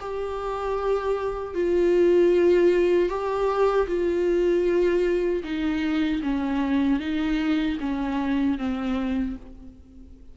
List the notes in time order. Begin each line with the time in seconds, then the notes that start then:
0.00 G4
1.54 F4
3.09 G4
3.87 F4
5.44 D#4
6.22 C#4
7.00 D#4
7.80 C#4
8.58 C4